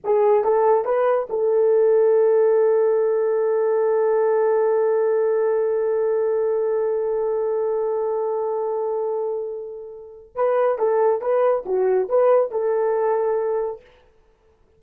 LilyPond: \new Staff \with { instrumentName = "horn" } { \time 4/4 \tempo 4 = 139 gis'4 a'4 b'4 a'4~ | a'1~ | a'1~ | a'1~ |
a'1~ | a'1 | b'4 a'4 b'4 fis'4 | b'4 a'2. | }